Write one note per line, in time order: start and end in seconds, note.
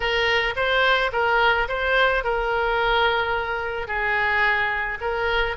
0.00 0.54 A#4
0.56 1.11 C5
1.12 1.67 A#4
1.68 2.23 C5
2.23 3.87 A#4
3.87 4.98 G#4
5.01 5.56 A#4